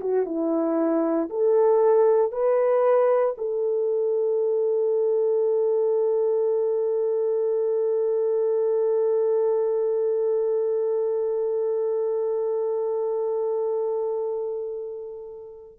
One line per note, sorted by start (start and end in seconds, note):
0.00 0.25 F#4
0.25 1.29 E4
1.29 2.31 A4
2.31 3.35 B4
3.37 15.79 A4